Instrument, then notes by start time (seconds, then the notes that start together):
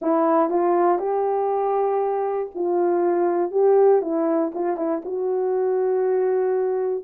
horn
0.01 E4
0.50 F4
0.99 G4
2.55 F4
3.51 G4
4.01 E4
4.54 F4
4.76 E4
5.04 F#4